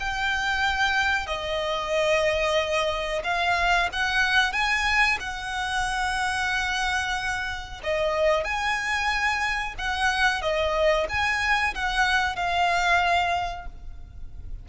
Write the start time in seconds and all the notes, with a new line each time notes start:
0.00 G5
1.27 D#5
3.24 F5
3.93 F#5
4.53 G#5
5.20 F#5
7.83 D#5
8.45 G#5
9.79 F#5
10.42 D#5
11.09 G#5
11.75 F#5
12.36 F5